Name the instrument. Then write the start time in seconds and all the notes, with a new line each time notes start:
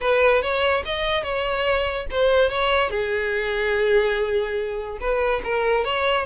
violin
0.01 B4
0.41 C#5
0.85 D#5
1.23 C#5
2.11 C5
2.49 C#5
2.90 G#4
5.00 B4
5.44 A#4
5.84 C#5